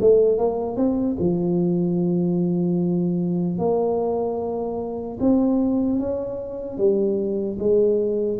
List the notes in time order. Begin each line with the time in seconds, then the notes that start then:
0.00 A3
0.38 A#3
0.76 C4
1.19 F3
3.58 A#3
5.20 C4
5.99 C#4
6.77 G3
7.59 G#3